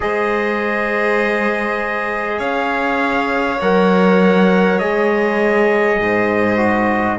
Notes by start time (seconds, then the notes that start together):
0.00 G#3 G#4 C5 D#5
2.38 C#4 C#5 F5
3.60 F#3 A#4 F#5
4.79 G#3 G#4 D#5
5.99 G#2 C5
6.57 F#4